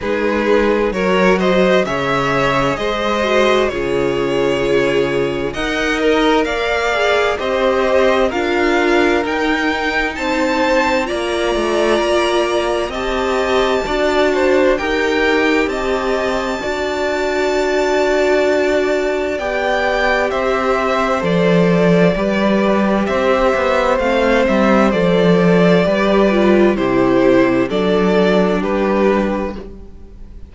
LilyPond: <<
  \new Staff \with { instrumentName = "violin" } { \time 4/4 \tempo 4 = 65 b'4 cis''8 dis''8 e''4 dis''4 | cis''2 fis''8 ais'8 f''4 | dis''4 f''4 g''4 a''4 | ais''2 a''2 |
g''4 a''2.~ | a''4 g''4 e''4 d''4~ | d''4 e''4 f''8 e''8 d''4~ | d''4 c''4 d''4 b'4 | }
  \new Staff \with { instrumentName = "violin" } { \time 4/4 gis'4 ais'8 c''8 cis''4 c''4 | gis'2 dis''4 d''4 | c''4 ais'2 c''4 | d''2 dis''4 d''8 c''8 |
ais'4 dis''4 d''2~ | d''2 c''2 | b'4 c''2. | b'4 g'4 a'4 g'4 | }
  \new Staff \with { instrumentName = "viola" } { \time 4/4 dis'4 fis'4 gis'4. fis'8 | f'2 ais'4. gis'8 | g'4 f'4 dis'2 | f'2 g'4 fis'4 |
g'2 fis'2~ | fis'4 g'2 a'4 | g'2 c'4 a'4 | g'8 f'8 e'4 d'2 | }
  \new Staff \with { instrumentName = "cello" } { \time 4/4 gis4 fis4 cis4 gis4 | cis2 dis'4 ais4 | c'4 d'4 dis'4 c'4 | ais8 a8 ais4 c'4 d'4 |
dis'4 c'4 d'2~ | d'4 b4 c'4 f4 | g4 c'8 b8 a8 g8 f4 | g4 c4 fis4 g4 | }
>>